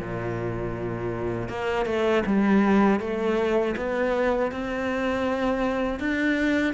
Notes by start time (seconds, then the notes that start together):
0.00 A#2
1.49 A#3
1.86 A3
2.26 G3
3.00 A3
3.77 B3
4.52 C4
6.00 D4